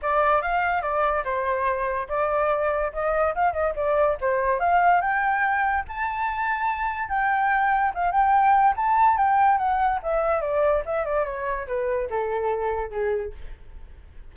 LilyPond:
\new Staff \with { instrumentName = "flute" } { \time 4/4 \tempo 4 = 144 d''4 f''4 d''4 c''4~ | c''4 d''2 dis''4 | f''8 dis''8 d''4 c''4 f''4 | g''2 a''2~ |
a''4 g''2 f''8 g''8~ | g''4 a''4 g''4 fis''4 | e''4 d''4 e''8 d''8 cis''4 | b'4 a'2 gis'4 | }